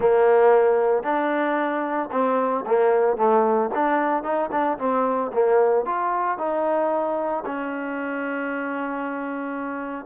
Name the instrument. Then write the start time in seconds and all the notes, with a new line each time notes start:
trombone
0.00 A#3
1.03 D4
2.11 C4
2.66 A#3
3.16 A3
3.74 D4
4.23 D#4
4.51 D4
4.78 C4
5.33 A#3
5.85 F4
6.37 D#4
7.45 C#4